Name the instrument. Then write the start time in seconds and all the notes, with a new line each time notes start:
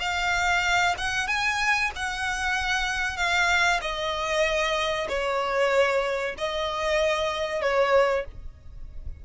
violin
0.00 F5
0.98 F#5
1.27 G#5
1.96 F#5
3.17 F5
3.82 D#5
5.09 C#5
6.38 D#5
7.61 C#5